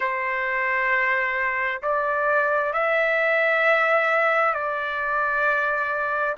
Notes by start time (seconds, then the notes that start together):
0.00 C5
1.82 D5
2.73 E5
4.54 D5